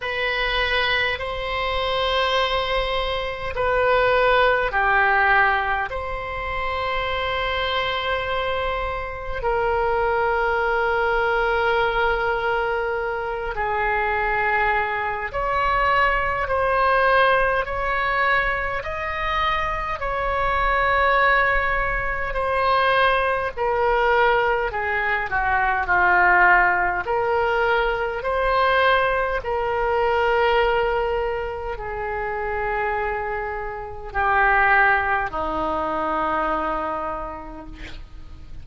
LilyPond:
\new Staff \with { instrumentName = "oboe" } { \time 4/4 \tempo 4 = 51 b'4 c''2 b'4 | g'4 c''2. | ais'2.~ ais'8 gis'8~ | gis'4 cis''4 c''4 cis''4 |
dis''4 cis''2 c''4 | ais'4 gis'8 fis'8 f'4 ais'4 | c''4 ais'2 gis'4~ | gis'4 g'4 dis'2 | }